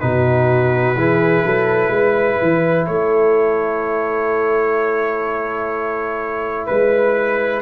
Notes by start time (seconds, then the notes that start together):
0.00 B2 D#4 F#4 B4
0.95 E3 E4 G#4
1.44 F#3 A4
1.88 G#3 B4
2.41 E3
2.86 A3 A4 C#5
6.66 G#3 B4